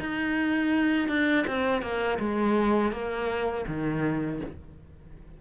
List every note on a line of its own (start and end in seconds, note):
0.00 1.09 D#4
1.09 1.46 D4
1.48 1.82 C4
1.82 2.19 A#3
2.20 2.92 G#3
2.92 3.66 A#3
3.68 4.41 D#3